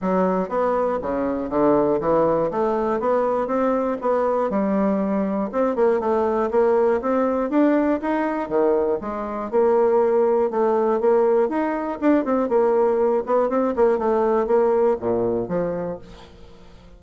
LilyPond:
\new Staff \with { instrumentName = "bassoon" } { \time 4/4 \tempo 4 = 120 fis4 b4 cis4 d4 | e4 a4 b4 c'4 | b4 g2 c'8 ais8 | a4 ais4 c'4 d'4 |
dis'4 dis4 gis4 ais4~ | ais4 a4 ais4 dis'4 | d'8 c'8 ais4. b8 c'8 ais8 | a4 ais4 ais,4 f4 | }